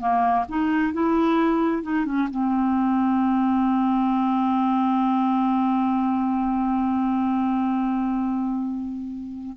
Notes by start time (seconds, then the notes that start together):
0.00 A#3
0.49 D#4
0.93 E4
1.83 D#4
2.06 C#4
2.31 C4